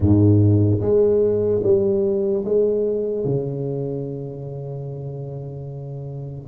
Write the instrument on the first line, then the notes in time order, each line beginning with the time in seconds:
tuba
0.00 G#2
0.80 G#3
1.63 G3
2.44 G#3
3.24 C#3